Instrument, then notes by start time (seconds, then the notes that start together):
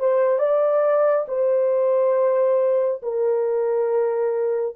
horn
0.00 C5
0.39 D5
1.28 C5
3.02 A#4